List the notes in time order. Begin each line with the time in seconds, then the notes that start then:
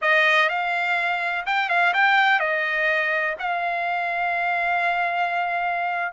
0.01 D#5
0.49 F5
1.46 G5
1.69 F5
1.93 G5
2.39 D#5
3.39 F5